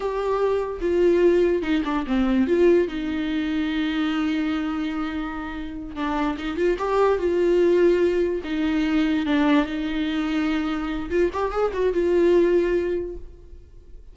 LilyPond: \new Staff \with { instrumentName = "viola" } { \time 4/4 \tempo 4 = 146 g'2 f'2 | dis'8 d'8 c'4 f'4 dis'4~ | dis'1~ | dis'2~ dis'8 d'4 dis'8 |
f'8 g'4 f'2~ f'8~ | f'8 dis'2 d'4 dis'8~ | dis'2. f'8 g'8 | gis'8 fis'8 f'2. | }